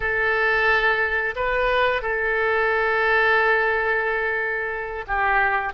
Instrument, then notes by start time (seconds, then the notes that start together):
oboe
0.00 A4
1.35 B4
2.01 A4
5.07 G4